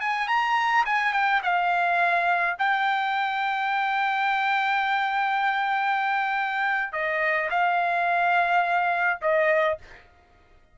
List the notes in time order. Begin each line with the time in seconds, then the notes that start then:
0.00 G#5
0.28 A#5
0.85 G#5
1.13 G5
1.43 F5
2.58 G5
6.92 D#5
7.50 F5
9.21 D#5